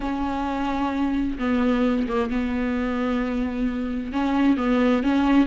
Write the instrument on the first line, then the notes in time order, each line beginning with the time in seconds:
viola
0.00 C#4
1.38 B3
2.08 A#3
2.29 B3
4.12 C#4
4.57 B3
5.03 C#4